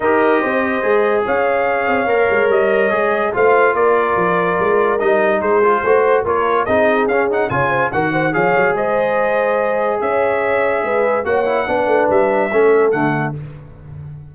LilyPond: <<
  \new Staff \with { instrumentName = "trumpet" } { \time 4/4 \tempo 4 = 144 dis''2. f''4~ | f''2 dis''2 | f''4 d''2. | dis''4 c''2 cis''4 |
dis''4 f''8 fis''8 gis''4 fis''4 | f''4 dis''2. | e''2. fis''4~ | fis''4 e''2 fis''4 | }
  \new Staff \with { instrumentName = "horn" } { \time 4/4 ais'4 c''2 cis''4~ | cis''1 | c''4 ais'2.~ | ais'4 gis'4 c''4 ais'4 |
gis'2 cis''8 c''8 ais'8 c''8 | cis''4 c''2. | cis''2 b'4 cis''4 | b'2 a'2 | }
  \new Staff \with { instrumentName = "trombone" } { \time 4/4 g'2 gis'2~ | gis'4 ais'2 gis'4 | f'1 | dis'4. f'8 fis'4 f'4 |
dis'4 cis'8 dis'8 f'4 fis'4 | gis'1~ | gis'2. fis'8 e'8 | d'2 cis'4 a4 | }
  \new Staff \with { instrumentName = "tuba" } { \time 4/4 dis'4 c'4 gis4 cis'4~ | cis'8 c'8 ais8 gis8 g4 gis4 | a4 ais4 f4 gis4 | g4 gis4 a4 ais4 |
c'4 cis'4 cis4 dis4 | f8 fis8 gis2. | cis'2 gis4 ais4 | b8 a8 g4 a4 d4 | }
>>